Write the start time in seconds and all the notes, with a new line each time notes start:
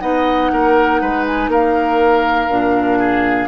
0.00 B3 D#4 D#5 F#5
0.52 A#3 A#4
1.01 G#3 B4
1.26 G#5
1.48 A#3 A#4 F5
2.50 A#2 D4
2.99 G#4